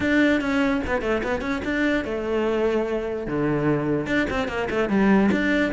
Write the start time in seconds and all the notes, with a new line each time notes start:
0.00 D4
0.40 C#4
0.86 B3
1.01 A3
1.23 B3
1.41 C#4
1.64 D4
2.04 A3
3.26 D3
4.06 D4
4.30 C4
4.48 A#3
4.70 A3
4.89 G3
5.31 D4